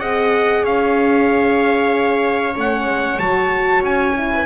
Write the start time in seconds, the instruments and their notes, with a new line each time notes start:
0.00 double bass C4, horn G#4, viola D#5, trumpet F#5
0.63 double bass C#4, viola C#5, trumpet F5
2.55 double bass A3, horn C#4, trumpet F#5
2.86 double bass G#3
3.19 double bass F#3, horn F#4, trumpet A5
3.82 double bass C#4, trumpet G#5
4.17 horn E4
4.33 viola B4